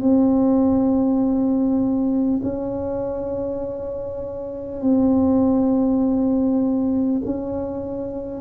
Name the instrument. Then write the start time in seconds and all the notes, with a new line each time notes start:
tuba
0.00 C4
2.43 C#4
4.81 C4
7.25 C#4